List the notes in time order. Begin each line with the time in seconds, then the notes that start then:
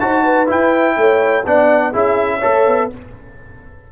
0.00 D#4 F#4 C5 A5
0.24 B4
0.47 E4 G5
0.97 A3 C#5
1.46 B3 D4 D5 F#5
1.92 C#4 E4 G#4 E5
2.39 A3 A4 C#5
2.67 B3